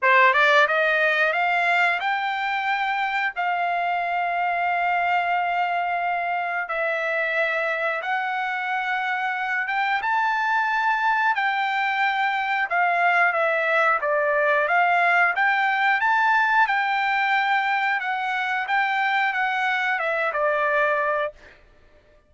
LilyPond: \new Staff \with { instrumentName = "trumpet" } { \time 4/4 \tempo 4 = 90 c''8 d''8 dis''4 f''4 g''4~ | g''4 f''2.~ | f''2 e''2 | fis''2~ fis''8 g''8 a''4~ |
a''4 g''2 f''4 | e''4 d''4 f''4 g''4 | a''4 g''2 fis''4 | g''4 fis''4 e''8 d''4. | }